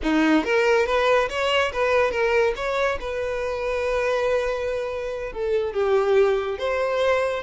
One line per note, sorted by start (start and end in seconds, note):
0.02 0.44 D#4
0.44 0.86 A#4
0.86 1.28 B4
1.29 1.72 C#5
1.72 2.11 B4
2.11 2.53 A#4
2.56 2.98 C#5
3.00 5.32 B4
5.32 5.73 A4
5.73 6.58 G4
6.58 7.43 C5